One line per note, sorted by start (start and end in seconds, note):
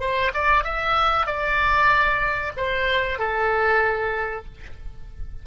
0.00 0.32 C5
0.34 0.64 D5
0.64 1.26 E5
1.26 2.53 D5
2.57 3.19 C5
3.19 4.45 A4